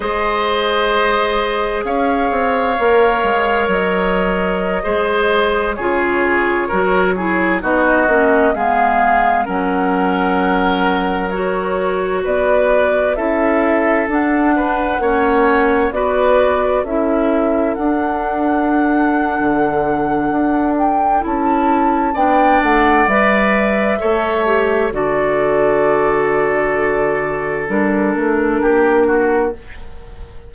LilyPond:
<<
  \new Staff \with { instrumentName = "flute" } { \time 4/4 \tempo 4 = 65 dis''2 f''2 | dis''2~ dis''16 cis''4.~ cis''16~ | cis''16 dis''4 f''4 fis''4.~ fis''16~ | fis''16 cis''4 d''4 e''4 fis''8.~ |
fis''4~ fis''16 d''4 e''4 fis''8.~ | fis''2~ fis''8 g''8 a''4 | g''8 fis''8 e''2 d''4~ | d''2 ais'2 | }
  \new Staff \with { instrumentName = "oboe" } { \time 4/4 c''2 cis''2~ | cis''4~ cis''16 c''4 gis'4 ais'8 gis'16~ | gis'16 fis'4 gis'4 ais'4.~ ais'16~ | ais'4~ ais'16 b'4 a'4. b'16~ |
b'16 cis''4 b'4 a'4.~ a'16~ | a'1 | d''2 cis''4 a'4~ | a'2. g'8 fis'8 | }
  \new Staff \with { instrumentName = "clarinet" } { \time 4/4 gis'2. ais'4~ | ais'4~ ais'16 gis'4 f'4 fis'8 e'16~ | e'16 dis'8 cis'8 b4 cis'4.~ cis'16~ | cis'16 fis'2 e'4 d'8.~ |
d'16 cis'4 fis'4 e'4 d'8.~ | d'2. e'4 | d'4 b'4 a'8 g'8 fis'4~ | fis'2 d'2 | }
  \new Staff \with { instrumentName = "bassoon" } { \time 4/4 gis2 cis'8 c'8 ais8 gis8 | fis4~ fis16 gis4 cis4 fis8.~ | fis16 b8 ais8 gis4 fis4.~ fis16~ | fis4~ fis16 b4 cis'4 d'8.~ |
d'16 ais4 b4 cis'4 d'8.~ | d'4 d4 d'4 cis'4 | b8 a8 g4 a4 d4~ | d2 g8 a8 ais4 | }
>>